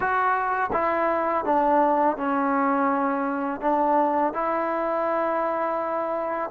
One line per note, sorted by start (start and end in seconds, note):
0.00 0.70 F#4
0.72 1.44 E4
1.44 2.17 D4
2.17 3.60 C#4
3.60 4.33 D4
4.33 6.50 E4